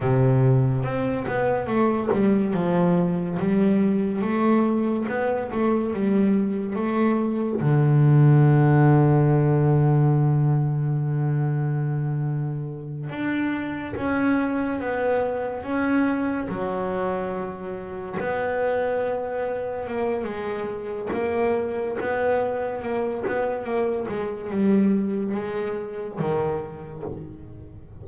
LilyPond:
\new Staff \with { instrumentName = "double bass" } { \time 4/4 \tempo 4 = 71 c4 c'8 b8 a8 g8 f4 | g4 a4 b8 a8 g4 | a4 d2.~ | d2.~ d8 d'8~ |
d'8 cis'4 b4 cis'4 fis8~ | fis4. b2 ais8 | gis4 ais4 b4 ais8 b8 | ais8 gis8 g4 gis4 dis4 | }